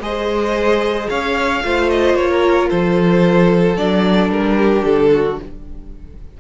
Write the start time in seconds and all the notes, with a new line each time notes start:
0.00 G#3 G#4 C5 D#5
1.09 C#4 C#5 F5
1.63 A3 F4 C5
1.90 D#5
2.14 A#3 C#5
2.30 A#4
2.70 F3 A4 C5
3.76 F#3 D4 D5
4.29 G3 A#4
4.57 G4
4.84 D3 A4
5.13 F#4